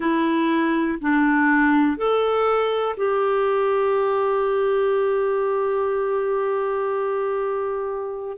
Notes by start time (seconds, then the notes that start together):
0.00 E4
1.01 D4
1.97 A4
2.96 G4